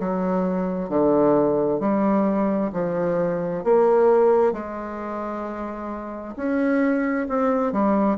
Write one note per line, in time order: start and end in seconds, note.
0.00 0.89 F#3
0.89 1.80 D3
1.81 2.71 G3
2.73 3.64 F3
3.64 4.53 A#3
4.53 6.35 G#3
6.37 7.28 C#4
7.29 7.73 C4
7.73 8.18 G3